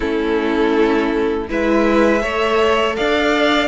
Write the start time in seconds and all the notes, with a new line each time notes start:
0.00 A3 C#4 E4 A4
1.49 G#3 E4 B4 E5
2.21 A3 A4 C#5
2.96 D4 D5 F5